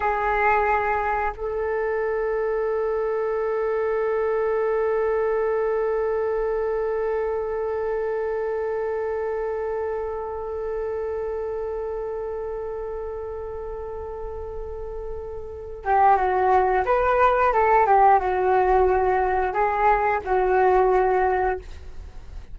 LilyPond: \new Staff \with { instrumentName = "flute" } { \time 4/4 \tempo 4 = 89 gis'2 a'2~ | a'1~ | a'1~ | a'1~ |
a'1~ | a'2.~ a'8 g'8 | fis'4 b'4 a'8 g'8 fis'4~ | fis'4 gis'4 fis'2 | }